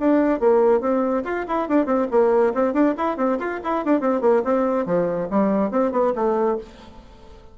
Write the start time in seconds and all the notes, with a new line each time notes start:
0.00 D4
0.40 A#3
0.81 C4
1.25 F4
1.48 E4
1.69 D4
1.86 C4
2.11 A#3
2.55 C4
2.74 D4
2.98 E4
3.17 C4
3.39 F4
3.64 E4
3.85 D4
4.01 C4
4.21 A#3
4.44 C4
4.86 F3
5.31 G3
5.71 C4
5.92 B3
6.15 A3